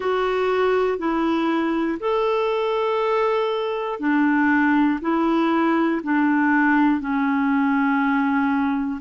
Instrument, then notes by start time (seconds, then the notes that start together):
clarinet
0.00 F#4
0.98 E4
2.00 A4
3.99 D4
5.01 E4
6.03 D4
7.00 C#4